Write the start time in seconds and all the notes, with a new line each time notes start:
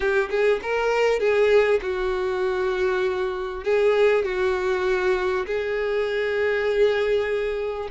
0.00 G4
0.30 G#4
0.62 A#4
1.19 G#4
1.82 F#4
3.64 G#4
4.24 F#4
5.46 G#4